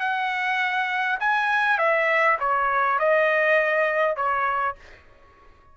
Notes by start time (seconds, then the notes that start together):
0.00 F#5
1.20 G#5
1.79 E5
2.40 C#5
3.00 D#5
4.17 C#5